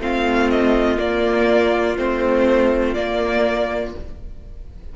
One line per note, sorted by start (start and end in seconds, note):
0.00 0.98 A3
0.00 0.97 C4
0.00 3.97 F4
0.00 0.51 F5
0.51 0.99 D#5
0.97 1.96 A#3
0.97 1.98 A#3
0.97 1.98 D5
1.98 2.96 A3
1.98 2.96 C4
1.98 2.95 C5
2.95 3.94 A#3
2.95 3.95 A#3
2.95 3.93 D5